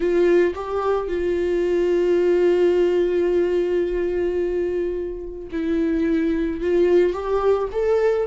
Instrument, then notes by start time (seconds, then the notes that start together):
viola
0.00 F4
0.54 G4
1.08 F4
5.51 E4
6.61 F4
7.13 G4
7.72 A4